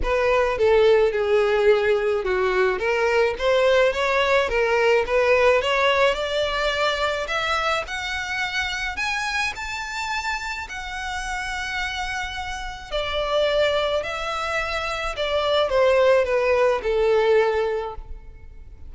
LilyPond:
\new Staff \with { instrumentName = "violin" } { \time 4/4 \tempo 4 = 107 b'4 a'4 gis'2 | fis'4 ais'4 c''4 cis''4 | ais'4 b'4 cis''4 d''4~ | d''4 e''4 fis''2 |
gis''4 a''2 fis''4~ | fis''2. d''4~ | d''4 e''2 d''4 | c''4 b'4 a'2 | }